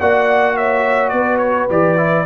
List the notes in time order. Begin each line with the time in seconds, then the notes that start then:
0.00 A#3 F#4 D5 F#5
0.57 C#5 E5
1.09 B3 B4 D5
1.38 C#5
1.69 E3 G4 D5
1.97 E4